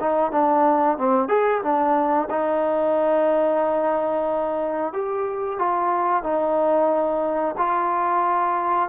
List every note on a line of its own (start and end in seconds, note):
0.00 0.32 D#4
0.32 0.98 D4
0.98 1.29 C4
1.29 1.62 G#4
1.62 2.28 D4
2.30 4.93 D#4
4.93 5.59 G4
5.59 6.23 F4
6.23 7.55 D#4
7.57 8.89 F4